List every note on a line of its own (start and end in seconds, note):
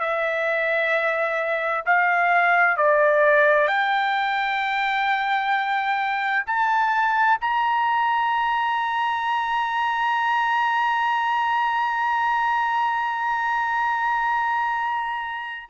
0.00 1.85 E5
1.85 2.77 F5
2.77 3.68 D5
3.68 6.44 G5
6.47 7.39 A5
7.41 15.70 A#5